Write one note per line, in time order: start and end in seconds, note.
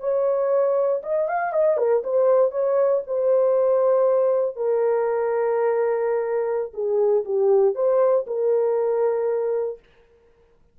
0.00 1.02 C#5
1.03 1.29 D#5
1.29 1.53 F5
1.53 1.78 D#5
1.78 2.03 A#4
2.04 2.51 C5
2.51 3.02 C#5
3.07 4.56 C5
4.56 6.72 A#4
6.74 7.25 G#4
7.25 7.75 G4
7.75 8.26 C5
8.27 9.80 A#4